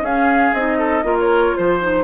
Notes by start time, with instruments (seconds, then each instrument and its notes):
0.00 bassoon C#4, clarinet C#4, oboe G#4, flute F5
0.53 bassoon C4, clarinet D#4, flute D#5
0.78 oboe A4
1.03 bassoon A#3, clarinet F4, oboe A#4
1.19 flute C#5
1.56 bassoon F3, flute C5, oboe C5
1.81 clarinet D#4